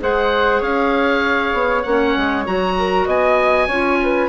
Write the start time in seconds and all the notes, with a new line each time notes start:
0.00 G#3 G#4 C5 F#5
0.60 C#4 C#5 F5
1.53 B3
1.83 A#3 C#4 F#5
2.17 G#3
2.46 F#3 F#4 A#5
2.78 A#4
3.06 B3 D#5 G#5
3.67 C#4 F4 C#5
4.03 B4